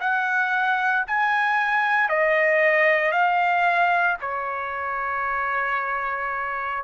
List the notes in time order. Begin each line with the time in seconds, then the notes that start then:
0.00 F#5
1.07 G#5
2.09 D#5
3.11 F5
4.21 C#5